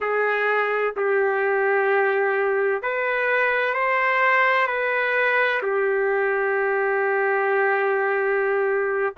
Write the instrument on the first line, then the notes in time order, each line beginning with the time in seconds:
trumpet
0.00 G#4
0.96 G4
2.82 B4
3.73 C5
4.67 B4
5.62 G4